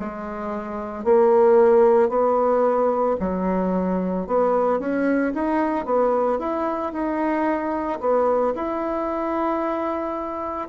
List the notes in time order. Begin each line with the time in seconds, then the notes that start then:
0.00 G#3
1.05 A#3
2.09 B3
3.20 F#3
4.28 B3
4.80 C#4
5.35 D#4
5.86 B3
6.39 E4
6.93 D#4
8.01 B3
8.56 E4